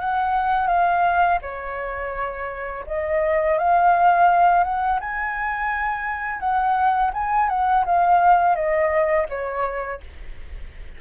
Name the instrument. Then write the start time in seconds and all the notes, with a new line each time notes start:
flute
0.00 F#5
0.68 F5
1.42 C#5
2.87 D#5
3.58 F5
4.64 F#5
5.00 G#5
6.40 F#5
7.14 G#5
7.49 F#5
7.86 F5
8.56 D#5
9.30 C#5